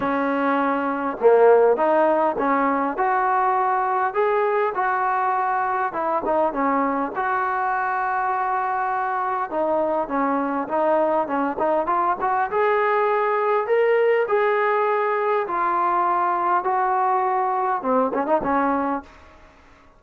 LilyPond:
\new Staff \with { instrumentName = "trombone" } { \time 4/4 \tempo 4 = 101 cis'2 ais4 dis'4 | cis'4 fis'2 gis'4 | fis'2 e'8 dis'8 cis'4 | fis'1 |
dis'4 cis'4 dis'4 cis'8 dis'8 | f'8 fis'8 gis'2 ais'4 | gis'2 f'2 | fis'2 c'8 cis'16 dis'16 cis'4 | }